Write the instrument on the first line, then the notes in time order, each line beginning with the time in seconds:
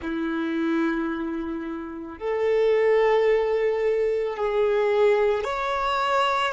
violin
0.01 E4
2.18 A4
4.36 G#4
5.43 C#5